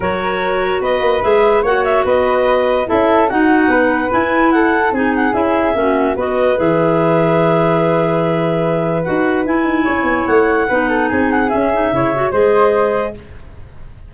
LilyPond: <<
  \new Staff \with { instrumentName = "clarinet" } { \time 4/4 \tempo 4 = 146 cis''2 dis''4 e''4 | fis''8 e''8 dis''2 e''4 | fis''2 gis''4 fis''4 | gis''8 fis''8 e''2 dis''4 |
e''1~ | e''2 fis''4 gis''4~ | gis''4 fis''2 gis''8 fis''8 | e''2 dis''2 | }
  \new Staff \with { instrumentName = "flute" } { \time 4/4 ais'2 b'2 | cis''4 b'2 a'4 | fis'4 b'2 a'4 | gis'2 fis'4 b'4~ |
b'1~ | b'1 | cis''2 b'8 a'8 gis'4~ | gis'4 cis''4 c''2 | }
  \new Staff \with { instrumentName = "clarinet" } { \time 4/4 fis'2. gis'4 | fis'2. e'4 | dis'2 e'2 | dis'4 e'4 cis'4 fis'4 |
gis'1~ | gis'2 fis'4 e'4~ | e'2 dis'2 | cis'8 dis'8 e'8 fis'8 gis'2 | }
  \new Staff \with { instrumentName = "tuba" } { \time 4/4 fis2 b8 ais8 gis4 | ais4 b2 cis'4 | dis'4 b4 e'2 | c'4 cis'4 ais4 b4 |
e1~ | e2 dis'4 e'8 dis'8 | cis'8 b8 a4 b4 c'4 | cis'4 cis4 gis2 | }
>>